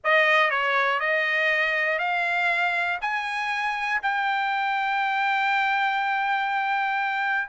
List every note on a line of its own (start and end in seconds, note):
0.03 0.50 D#5
0.50 1.00 C#5
1.00 1.98 D#5
1.98 2.98 F5
3.01 4.01 G#5
4.02 7.48 G5